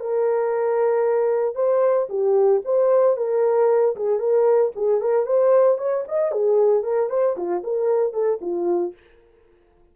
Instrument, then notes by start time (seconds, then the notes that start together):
horn
0.00 A#4
1.55 C5
2.09 G4
2.65 C5
3.17 A#4
3.96 G#4
4.19 A#4
4.76 G#4
5.01 A#4
5.26 C5
5.78 C#5
6.08 D#5
6.32 G#4
6.83 A#4
7.10 C5
7.37 F4
7.64 A#4
8.13 A4
8.41 F4